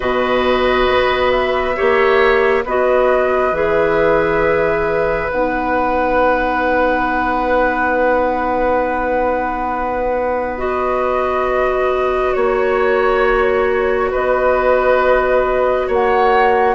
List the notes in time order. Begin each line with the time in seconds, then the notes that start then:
0.00 B2 F#4 B4 D#5
0.88 B3
1.30 E5
1.76 A#3 G4 C#5
2.64 B3 F#4 B4 D#5
3.51 E3 G#4 E5
5.30 B3 D#4 F#5
10.58 F#4 D#5
12.33 A#3 C#5
14.10 B3 B4 D#5
15.87 A#3 C#5 F#5